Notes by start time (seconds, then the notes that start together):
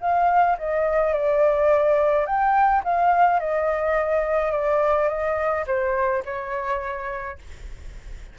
0.00 F5
0.58 D#5
1.13 D5
2.25 G5
2.84 F5
3.39 D#5
4.51 D5
5.08 D#5
5.66 C5
6.25 C#5